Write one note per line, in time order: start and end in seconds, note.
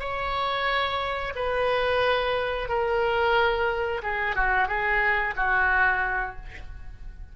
0.00 1.33 C#5
1.35 2.68 B4
2.68 4.02 A#4
4.03 4.35 G#4
4.35 4.68 F#4
4.68 5.35 G#4
5.36 6.36 F#4